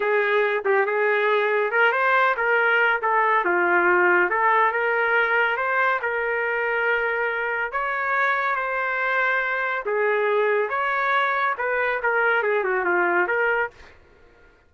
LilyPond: \new Staff \with { instrumentName = "trumpet" } { \time 4/4 \tempo 4 = 140 gis'4. g'8 gis'2 | ais'8 c''4 ais'4. a'4 | f'2 a'4 ais'4~ | ais'4 c''4 ais'2~ |
ais'2 cis''2 | c''2. gis'4~ | gis'4 cis''2 b'4 | ais'4 gis'8 fis'8 f'4 ais'4 | }